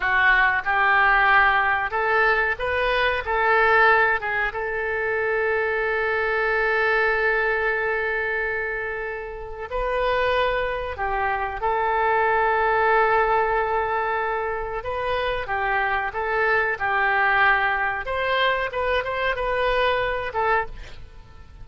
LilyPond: \new Staff \with { instrumentName = "oboe" } { \time 4/4 \tempo 4 = 93 fis'4 g'2 a'4 | b'4 a'4. gis'8 a'4~ | a'1~ | a'2. b'4~ |
b'4 g'4 a'2~ | a'2. b'4 | g'4 a'4 g'2 | c''4 b'8 c''8 b'4. a'8 | }